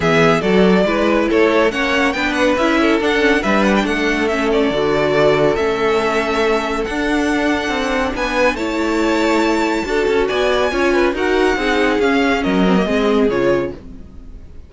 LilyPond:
<<
  \new Staff \with { instrumentName = "violin" } { \time 4/4 \tempo 4 = 140 e''4 d''2 cis''4 | fis''4 g''8 fis''8 e''4 fis''4 | e''8 fis''16 g''16 fis''4 e''8 d''4.~ | d''4 e''2. |
fis''2. gis''4 | a''1 | gis''2 fis''2 | f''4 dis''2 cis''4 | }
  \new Staff \with { instrumentName = "violin" } { \time 4/4 gis'4 a'4 b'4 a'4 | cis''4 b'4. a'4. | b'4 a'2.~ | a'1~ |
a'2. b'4 | cis''2. a'4 | d''4 cis''8 b'8 ais'4 gis'4~ | gis'4 ais'4 gis'2 | }
  \new Staff \with { instrumentName = "viola" } { \time 4/4 b4 fis'4 e'2 | cis'4 d'4 e'4 d'8 cis'8 | d'2 cis'4 fis'4~ | fis'4 cis'2. |
d'1 | e'2. fis'4~ | fis'4 f'4 fis'4 dis'4 | cis'4. c'16 ais16 c'4 f'4 | }
  \new Staff \with { instrumentName = "cello" } { \time 4/4 e4 fis4 gis4 a4 | ais4 b4 cis'4 d'4 | g4 a2 d4~ | d4 a2. |
d'2 c'4 b4 | a2. d'8 cis'8 | b4 cis'4 dis'4 c'4 | cis'4 fis4 gis4 cis4 | }
>>